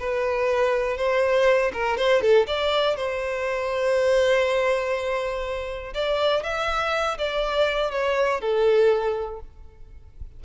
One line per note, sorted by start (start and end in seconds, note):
0.00 0.98 B4
0.98 1.72 C5
1.74 1.97 A#4
1.97 2.22 C5
2.22 2.47 A4
2.47 2.97 D5
2.97 5.94 C5
5.94 6.44 D5
6.44 7.18 E5
7.18 7.91 D5
7.91 8.41 C#5
8.41 9.40 A4